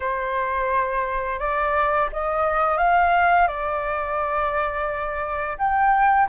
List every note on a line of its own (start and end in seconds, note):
0.00 1.39 C5
1.39 2.09 D5
2.12 2.77 D#5
2.77 3.47 F5
3.47 5.57 D5
5.58 6.28 G5